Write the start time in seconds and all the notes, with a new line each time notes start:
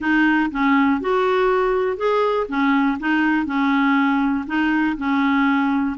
0.00 D#4
0.51 C#4
1.01 F#4
1.97 G#4
2.48 C#4
2.99 D#4
3.46 C#4
4.47 D#4
4.97 C#4